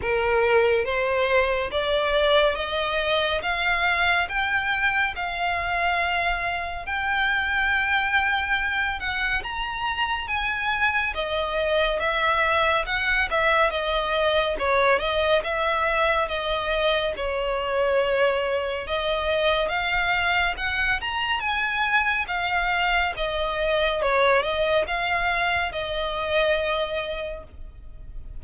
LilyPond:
\new Staff \with { instrumentName = "violin" } { \time 4/4 \tempo 4 = 70 ais'4 c''4 d''4 dis''4 | f''4 g''4 f''2 | g''2~ g''8 fis''8 ais''4 | gis''4 dis''4 e''4 fis''8 e''8 |
dis''4 cis''8 dis''8 e''4 dis''4 | cis''2 dis''4 f''4 | fis''8 ais''8 gis''4 f''4 dis''4 | cis''8 dis''8 f''4 dis''2 | }